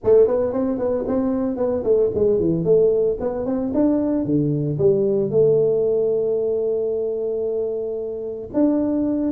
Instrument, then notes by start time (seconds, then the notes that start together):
tuba
0.03 A3
0.27 B3
0.52 C4
0.78 B3
1.07 C4
1.56 B3
1.83 A3
2.14 G#3
2.39 E3
2.64 A3
3.20 B3
3.45 C4
3.74 D4
4.25 D3
4.78 G3
5.30 A3
8.53 D4